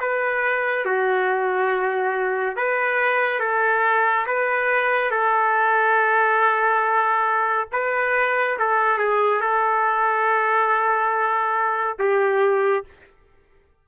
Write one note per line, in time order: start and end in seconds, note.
0.00 0.85 B4
0.85 2.57 F#4
2.57 3.40 B4
3.40 4.25 A4
4.27 5.11 B4
5.11 7.68 A4
7.72 8.58 B4
8.59 8.98 A4
8.98 9.41 G#4
9.41 11.98 A4
11.99 12.85 G4